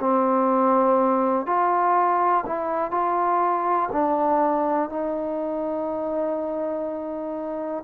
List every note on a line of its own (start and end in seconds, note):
0.00 1.46 C4
1.46 2.45 F4
2.47 2.91 E4
2.91 3.89 F4
3.93 4.90 D4
4.90 7.84 D#4